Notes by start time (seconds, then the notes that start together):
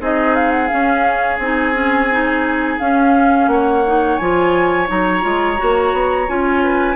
0.00 C4 D#4 G#4 D#5
0.35 F5
0.51 F#5
0.68 C#4 F5
1.39 C4 D#4 G#5
1.73 C#4
2.11 D#4
2.79 C#4 F5
3.47 A#3 C#5 F#5
3.86 D#4
4.17 F3 F4 G#5
4.87 F#3 D#4 A#5
5.21 G#3 F4
5.57 A#3 F#4
5.93 B3
6.28 C#4 F4 G#5
6.63 B4